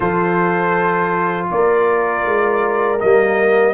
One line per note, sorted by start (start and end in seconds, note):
0.00 1.50 F3
0.00 2.98 F4
0.00 1.48 A4
0.00 1.47 C5
1.51 2.25 A#3
1.51 3.74 A#4
1.51 3.00 D5
2.25 3.00 G#3
2.99 3.74 G3
2.99 3.74 A#3
2.99 3.74 D#5